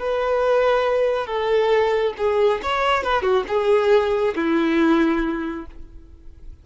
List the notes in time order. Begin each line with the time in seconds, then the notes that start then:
0.00 B4
1.27 A4
2.18 G#4
2.63 C#5
3.04 B4
3.23 F#4
3.48 G#4
4.36 E4